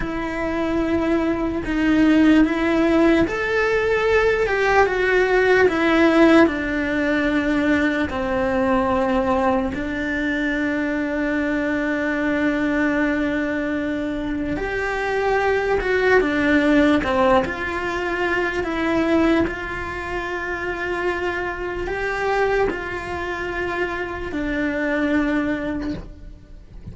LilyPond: \new Staff \with { instrumentName = "cello" } { \time 4/4 \tempo 4 = 74 e'2 dis'4 e'4 | a'4. g'8 fis'4 e'4 | d'2 c'2 | d'1~ |
d'2 g'4. fis'8 | d'4 c'8 f'4. e'4 | f'2. g'4 | f'2 d'2 | }